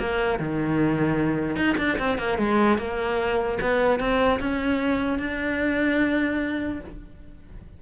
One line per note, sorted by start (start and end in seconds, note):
0.00 0.39 A#3
0.39 1.56 D#3
1.56 1.76 D#4
1.78 1.98 D4
1.99 2.18 C4
2.18 2.38 A#3
2.38 2.78 G#3
2.78 3.59 A#3
3.62 4.00 B3
4.00 4.40 C4
4.40 5.19 C#4
5.19 6.80 D4